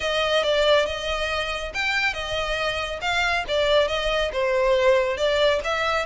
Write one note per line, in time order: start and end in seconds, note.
0.00 0.43 D#5
0.43 0.86 D5
0.86 1.72 D#5
1.74 2.13 G5
2.13 3.00 D#5
3.01 3.44 F5
3.47 3.88 D5
3.88 4.31 D#5
4.32 5.17 C5
5.17 5.60 D5
5.64 6.05 E5